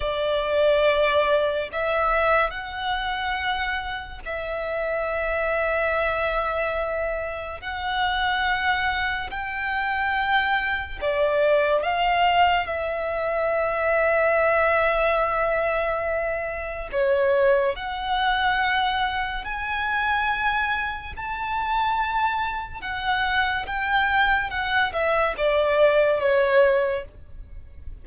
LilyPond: \new Staff \with { instrumentName = "violin" } { \time 4/4 \tempo 4 = 71 d''2 e''4 fis''4~ | fis''4 e''2.~ | e''4 fis''2 g''4~ | g''4 d''4 f''4 e''4~ |
e''1 | cis''4 fis''2 gis''4~ | gis''4 a''2 fis''4 | g''4 fis''8 e''8 d''4 cis''4 | }